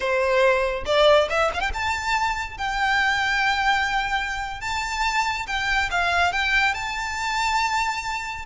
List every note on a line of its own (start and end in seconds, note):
0.00 0.84 C5
0.85 1.28 D5
1.29 1.51 E5
1.54 1.60 F5
1.60 1.71 G5
1.73 2.57 A5
2.57 4.60 G5
4.60 5.46 A5
5.46 5.89 G5
5.90 6.32 F5
6.32 6.74 G5
6.74 8.45 A5